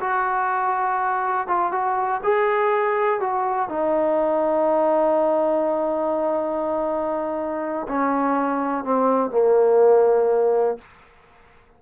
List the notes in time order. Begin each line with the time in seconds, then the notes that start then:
0.00 F#4
1.48 F4
1.72 F#4
2.24 G#4
3.21 F#4
3.70 D#4
7.88 C#4
8.84 C4
9.31 A#3